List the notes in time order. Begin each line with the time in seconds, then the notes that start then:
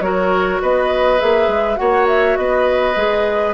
0.00 F#3 F#4 A#4 C#5
0.62 B3 B4 D#5
1.18 A#3 G#4 E5
1.48 G#3
1.75 A#3 F#4 C#5 F#5
2.07 E5
2.37 B3 B4 D#5
2.96 G#3 G#4